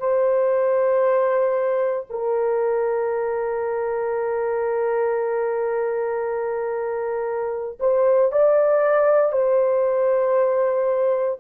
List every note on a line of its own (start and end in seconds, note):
0.00 2.07 C5
2.10 7.79 A#4
7.81 8.32 C5
8.32 9.33 D5
9.33 11.40 C5